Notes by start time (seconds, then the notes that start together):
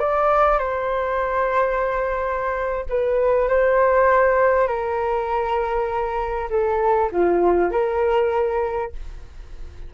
0.00 D5
0.59 C5
2.90 B4
3.49 C5
4.68 A#4
6.50 A4
7.12 F4
7.72 A#4